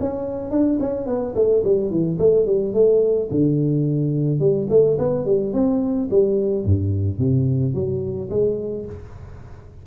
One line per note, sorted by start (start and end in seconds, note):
0.00 0.51 C#4
0.51 0.79 D4
0.80 1.06 C#4
1.06 1.34 B3
1.35 1.63 A3
1.64 1.90 G3
1.90 2.18 E3
2.19 2.46 A3
2.46 2.73 G3
2.73 3.29 A3
3.31 4.39 D3
4.39 4.67 G3
4.69 4.97 A3
4.98 5.25 B3
5.25 5.53 G3
5.53 6.09 C4
6.10 6.65 G3
6.65 7.18 G2
7.18 7.74 C3
7.74 8.29 F#3
8.30 8.86 G#3